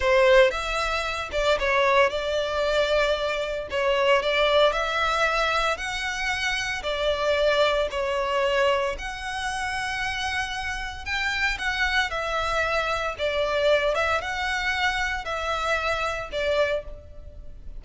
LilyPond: \new Staff \with { instrumentName = "violin" } { \time 4/4 \tempo 4 = 114 c''4 e''4. d''8 cis''4 | d''2. cis''4 | d''4 e''2 fis''4~ | fis''4 d''2 cis''4~ |
cis''4 fis''2.~ | fis''4 g''4 fis''4 e''4~ | e''4 d''4. e''8 fis''4~ | fis''4 e''2 d''4 | }